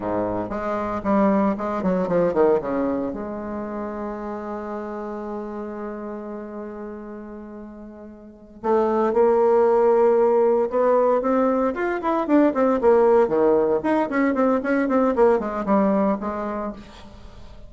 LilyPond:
\new Staff \with { instrumentName = "bassoon" } { \time 4/4 \tempo 4 = 115 gis,4 gis4 g4 gis8 fis8 | f8 dis8 cis4 gis2~ | gis1~ | gis1~ |
gis8 a4 ais2~ ais8~ | ais8 b4 c'4 f'8 e'8 d'8 | c'8 ais4 dis4 dis'8 cis'8 c'8 | cis'8 c'8 ais8 gis8 g4 gis4 | }